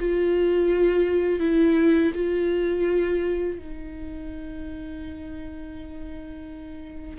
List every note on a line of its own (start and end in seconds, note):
0.00 1.40 F4
1.40 2.13 E4
2.15 3.59 F4
3.59 7.19 D#4